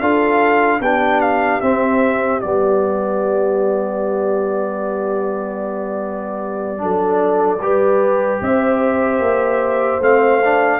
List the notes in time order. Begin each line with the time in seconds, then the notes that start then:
0.00 D4 F4 A4 F5
0.80 B3 D4 G4 G5
1.21 F5
1.61 C4 E5
2.40 G3 B3 D5
6.78 F#3 D4 A4
7.61 G3 G4 B4
8.41 C4 C5 E5
9.19 A#3
10.00 A3 C4 F5
10.44 D4